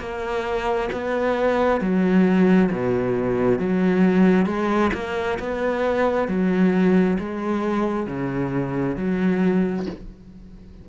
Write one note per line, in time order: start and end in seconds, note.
0.00 0.90 A#3
0.93 1.81 B3
1.81 2.71 F#3
2.72 3.59 B2
3.59 4.47 F#3
4.47 4.91 G#3
4.94 5.39 A#3
5.39 6.28 B3
6.28 7.18 F#3
7.19 8.07 G#3
8.07 8.97 C#3
8.97 9.86 F#3